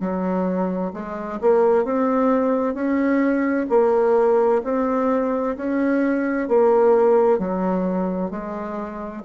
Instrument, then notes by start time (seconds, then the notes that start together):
bassoon
0.00 F#3
0.93 G#3
1.41 A#3
1.85 C4
2.74 C#4
3.69 A#3
4.64 C4
5.56 C#4
6.48 A#3
7.38 F#3
8.30 G#3